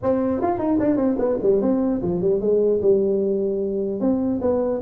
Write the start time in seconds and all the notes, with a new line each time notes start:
0.03 C4
0.41 F4
0.58 D#4
0.79 D4
0.96 C4
1.18 B3
1.42 G3
1.61 C4
2.01 F3
2.21 G3
2.40 G#3
2.81 G3
4.00 C4
4.41 B3